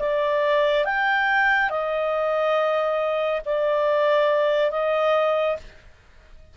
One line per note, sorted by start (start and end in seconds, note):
0.00 0.85 D5
0.85 1.70 G5
1.70 3.42 D#5
3.46 4.71 D5
4.71 5.57 D#5